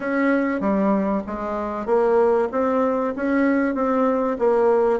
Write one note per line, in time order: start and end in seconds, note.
0.00 0.60 C#4
0.60 1.22 G3
1.27 1.86 G#3
1.86 2.48 A#3
2.51 3.14 C4
3.16 3.74 C#4
3.74 4.37 C4
4.38 4.99 A#3